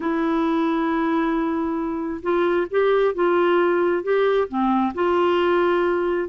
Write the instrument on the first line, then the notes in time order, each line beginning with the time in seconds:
clarinet
0.00 E4
2.22 F4
2.70 G4
3.14 F4
4.03 G4
4.48 C4
4.94 F4